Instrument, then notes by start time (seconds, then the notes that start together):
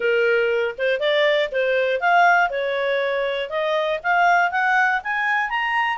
clarinet
0.00 A#4
0.77 C5
0.99 D5
1.51 C5
2.00 F5
2.50 C#5
3.49 D#5
4.03 F5
4.51 F#5
5.03 G#5
5.49 A#5